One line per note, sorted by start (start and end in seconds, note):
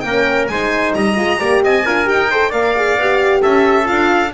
0.00 0.48 A#3
0.00 0.50 C#4
0.00 0.51 A#4
0.00 0.45 G5
0.47 0.94 G#3
0.47 1.15 D#4
0.47 0.96 C5
0.47 0.93 G#5
0.94 1.17 G3
0.94 1.39 D#5
0.94 1.62 A#5
1.15 1.40 G#3
1.15 1.38 F4
1.39 1.63 A#3
1.39 1.84 G4
1.39 1.62 D5
1.63 1.86 C4
1.63 1.86 D#5
1.63 2.08 G#5
1.86 2.09 D4
1.86 2.05 F4
1.86 2.31 A#4
2.05 2.52 D#4
2.05 2.27 G4
2.05 2.51 G5
2.31 2.52 A4
2.31 2.49 C5
2.49 2.97 A#3
2.49 2.74 A#4
2.49 3.40 D5
2.49 3.41 F5
2.75 2.98 G#4
2.97 3.42 B3
2.97 3.84 G4
3.42 3.89 C#4
3.42 4.32 A4
3.42 3.87 E5
3.84 4.33 D4
3.84 4.30 F4
3.84 4.32 F5